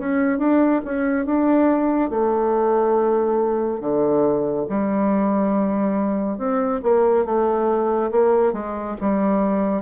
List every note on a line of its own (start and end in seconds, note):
0.00 0.39 C#4
0.39 0.81 D4
0.85 1.26 C#4
1.26 2.10 D4
2.10 3.81 A3
3.81 4.66 D3
4.69 6.39 G3
6.39 6.81 C4
6.83 7.25 A#3
7.25 8.11 A3
8.12 8.53 A#3
8.53 8.96 G#3
9.01 9.83 G3